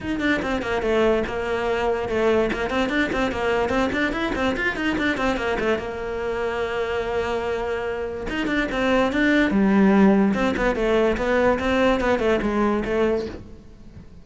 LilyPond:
\new Staff \with { instrumentName = "cello" } { \time 4/4 \tempo 4 = 145 dis'8 d'8 c'8 ais8 a4 ais4~ | ais4 a4 ais8 c'8 d'8 c'8 | ais4 c'8 d'8 e'8 c'8 f'8 dis'8 | d'8 c'8 ais8 a8 ais2~ |
ais1 | dis'8 d'8 c'4 d'4 g4~ | g4 c'8 b8 a4 b4 | c'4 b8 a8 gis4 a4 | }